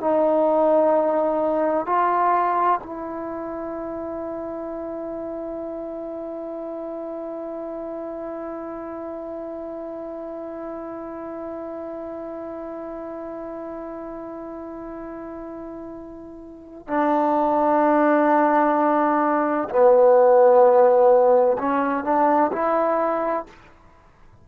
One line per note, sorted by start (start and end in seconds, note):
0.00 1.86 D#4
1.86 2.80 F4
2.83 16.87 E4
16.87 19.68 D4
19.69 21.57 B3
21.58 22.04 C#4
22.04 22.51 D4
22.52 23.46 E4